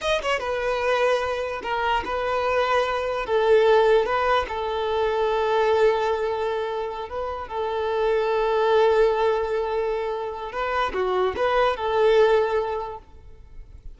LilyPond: \new Staff \with { instrumentName = "violin" } { \time 4/4 \tempo 4 = 148 dis''8 cis''8 b'2. | ais'4 b'2. | a'2 b'4 a'4~ | a'1~ |
a'4. b'4 a'4.~ | a'1~ | a'2 b'4 fis'4 | b'4 a'2. | }